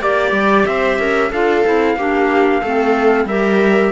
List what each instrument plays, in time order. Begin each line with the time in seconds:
0.00 cello A#3, clarinet G4, viola D5, trumpet D5
0.32 cello G3
0.66 cello C4, viola C5, trumpet E5
0.99 cello C#4, viola A#4
1.31 cello D4, clarinet F4, viola A4, trumpet F5
1.65 cello C4, clarinet E4
1.96 cello A#3, clarinet D4, viola G4
2.61 cello A3, clarinet C4, viola A4
3.25 cello G3, clarinet G4, viola A#4, trumpet E5